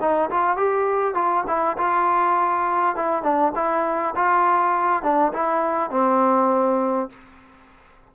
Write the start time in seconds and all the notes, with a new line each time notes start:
0.00 D#4
0.30 F4
0.56 G4
1.14 F4
1.47 E4
1.77 F4
2.96 E4
3.22 D4
3.55 E4
4.15 F4
5.03 D4
5.33 E4
5.90 C4